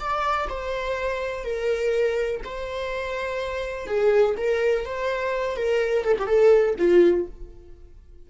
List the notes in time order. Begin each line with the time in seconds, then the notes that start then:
0.00 D5
0.50 C5
1.45 A#4
2.45 C5
3.87 G#4
4.37 A#4
4.85 C5
5.57 A#4
6.05 A4
6.19 G4
6.27 A4
6.79 F4